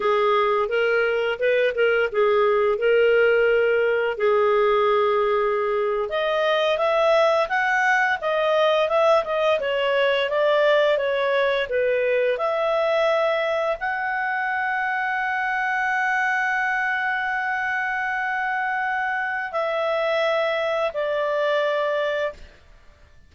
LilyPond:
\new Staff \with { instrumentName = "clarinet" } { \time 4/4 \tempo 4 = 86 gis'4 ais'4 b'8 ais'8 gis'4 | ais'2 gis'2~ | gis'8. dis''4 e''4 fis''4 dis''16~ | dis''8. e''8 dis''8 cis''4 d''4 cis''16~ |
cis''8. b'4 e''2 fis''16~ | fis''1~ | fis''1 | e''2 d''2 | }